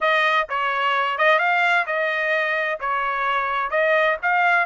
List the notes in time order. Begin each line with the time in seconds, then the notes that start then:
0.01 D#5
0.49 C#5
1.18 D#5
1.38 F5
1.86 D#5
2.80 C#5
3.70 D#5
4.22 F5